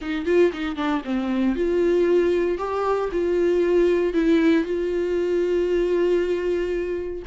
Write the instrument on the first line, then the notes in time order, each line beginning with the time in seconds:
viola
0.01 D#4
0.25 F4
0.52 D#4
0.76 D4
1.04 C4
1.55 F4
2.57 G4
3.12 F4
4.13 E4
4.64 F4